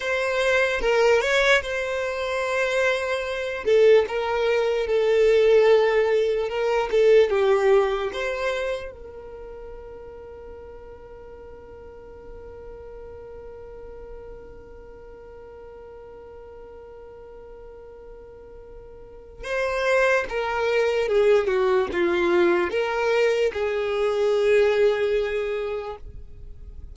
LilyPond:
\new Staff \with { instrumentName = "violin" } { \time 4/4 \tempo 4 = 74 c''4 ais'8 cis''8 c''2~ | c''8 a'8 ais'4 a'2 | ais'8 a'8 g'4 c''4 ais'4~ | ais'1~ |
ais'1~ | ais'1 | c''4 ais'4 gis'8 fis'8 f'4 | ais'4 gis'2. | }